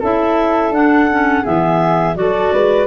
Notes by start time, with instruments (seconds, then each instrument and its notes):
0.00 tuba C#4, clarinet E4 E5, flute A4
0.70 tuba D4, clarinet D4 F#5
1.11 clarinet C#4
1.42 tuba E3, clarinet B3 E5, flute G#4
2.15 tuba F#3, clarinet F#4 D5, flute A4
2.53 tuba G#3, flute B4